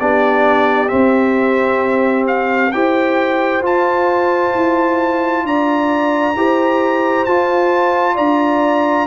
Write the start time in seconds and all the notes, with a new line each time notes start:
0.00 B3 D4 G4 D5
0.88 C4 E5
2.27 F5
2.72 E4 G4 C5 G5
3.61 F4 A5
4.55 E4
5.43 D4 D5 A#5
6.35 E4 G4 C5
7.25 F4 A5
8.15 D4 D5 A#5